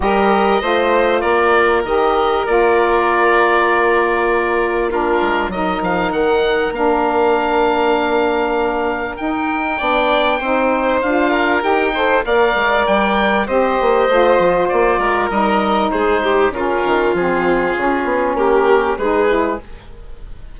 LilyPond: <<
  \new Staff \with { instrumentName = "oboe" } { \time 4/4 \tempo 4 = 98 dis''2 d''4 dis''4 | d''1 | ais'4 dis''8 f''8 fis''4 f''4~ | f''2. g''4~ |
g''2 f''4 g''4 | f''4 g''4 dis''2 | d''4 dis''4 c''4 ais'4 | gis'2 ais'4 b'4 | }
  \new Staff \with { instrumentName = "violin" } { \time 4/4 ais'4 c''4 ais'2~ | ais'1 | f'4 ais'2.~ | ais'1 |
d''4 c''4. ais'4 c''8 | d''2 c''2~ | c''8 ais'4. gis'8 g'8 f'4~ | f'2 g'4 gis'4 | }
  \new Staff \with { instrumentName = "saxophone" } { \time 4/4 g'4 f'2 g'4 | f'1 | d'4 dis'2 d'4~ | d'2. dis'4 |
d'4 dis'4 f'4 g'8 a'8 | ais'2 g'4 f'4~ | f'4 dis'2 cis'4 | c'4 cis'2 dis'8 e'8 | }
  \new Staff \with { instrumentName = "bassoon" } { \time 4/4 g4 a4 ais4 dis4 | ais1~ | ais8 gis8 fis8 f8 dis4 ais4~ | ais2. dis'4 |
b4 c'4 d'4 dis'4 | ais8 gis8 g4 c'8 ais8 a8 f8 | ais8 gis8 g4 gis4 cis8 dis8 | f4 cis8 b8 ais4 gis4 | }
>>